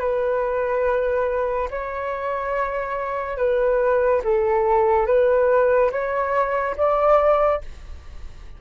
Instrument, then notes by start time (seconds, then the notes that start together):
flute
0.00 B4
1.71 C#5
3.37 B4
4.24 A4
5.07 B4
5.92 C#5
6.77 D5